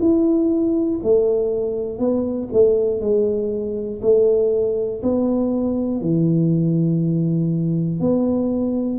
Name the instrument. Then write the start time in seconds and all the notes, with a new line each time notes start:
tuba
0.00 E4
1.04 A3
1.99 B3
2.53 A3
3.01 G#3
4.02 A3
5.03 B3
6.01 E3
8.00 B3